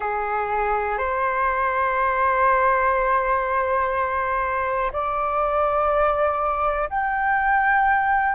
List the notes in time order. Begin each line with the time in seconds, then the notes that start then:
0.00 G#4
0.97 C5
4.92 D5
6.89 G5